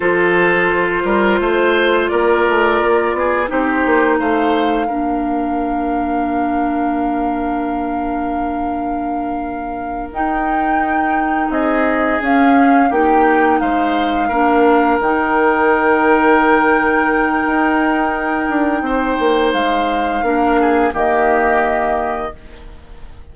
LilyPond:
<<
  \new Staff \with { instrumentName = "flute" } { \time 4/4 \tempo 4 = 86 c''2. d''4~ | d''4 c''4 f''2~ | f''1~ | f''2~ f''8 g''4.~ |
g''8 dis''4 f''4 g''4 f''8~ | f''4. g''2~ g''8~ | g''1 | f''2 dis''2 | }
  \new Staff \with { instrumentName = "oboe" } { \time 4/4 a'4. ais'8 c''4 ais'4~ | ais'8 gis'8 g'4 c''4 ais'4~ | ais'1~ | ais'1~ |
ais'8 gis'2 g'4 c''8~ | c''8 ais'2.~ ais'8~ | ais'2. c''4~ | c''4 ais'8 gis'8 g'2 | }
  \new Staff \with { instrumentName = "clarinet" } { \time 4/4 f'1~ | f'4 dis'2 d'4~ | d'1~ | d'2~ d'8 dis'4.~ |
dis'4. cis'4 dis'4.~ | dis'8 d'4 dis'2~ dis'8~ | dis'1~ | dis'4 d'4 ais2 | }
  \new Staff \with { instrumentName = "bassoon" } { \time 4/4 f4. g8 a4 ais8 a8 | ais8 b8 c'8 ais8 a4 ais4~ | ais1~ | ais2~ ais8 dis'4.~ |
dis'8 c'4 cis'4 ais4 gis8~ | gis8 ais4 dis2~ dis8~ | dis4 dis'4. d'8 c'8 ais8 | gis4 ais4 dis2 | }
>>